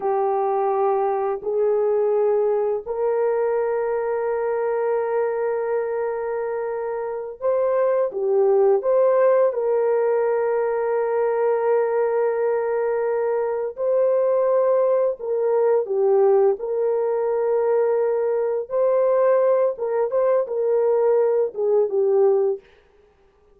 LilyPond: \new Staff \with { instrumentName = "horn" } { \time 4/4 \tempo 4 = 85 g'2 gis'2 | ais'1~ | ais'2~ ais'8 c''4 g'8~ | g'8 c''4 ais'2~ ais'8~ |
ais'2.~ ais'8 c''8~ | c''4. ais'4 g'4 ais'8~ | ais'2~ ais'8 c''4. | ais'8 c''8 ais'4. gis'8 g'4 | }